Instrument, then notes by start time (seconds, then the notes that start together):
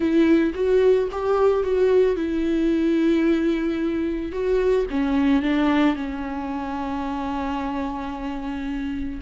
viola
0.00 E4
0.54 F#4
1.11 G4
1.63 F#4
2.15 E4
4.31 F#4
4.90 C#4
5.42 D4
5.95 C#4